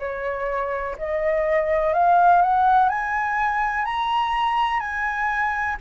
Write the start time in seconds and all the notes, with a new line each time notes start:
0.00 C#5
0.99 D#5
1.94 F5
2.42 F#5
2.89 G#5
3.85 A#5
4.80 G#5